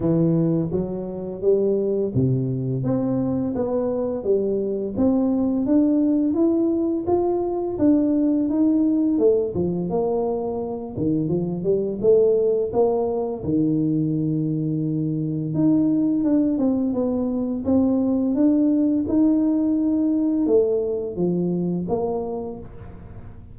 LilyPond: \new Staff \with { instrumentName = "tuba" } { \time 4/4 \tempo 4 = 85 e4 fis4 g4 c4 | c'4 b4 g4 c'4 | d'4 e'4 f'4 d'4 | dis'4 a8 f8 ais4. dis8 |
f8 g8 a4 ais4 dis4~ | dis2 dis'4 d'8 c'8 | b4 c'4 d'4 dis'4~ | dis'4 a4 f4 ais4 | }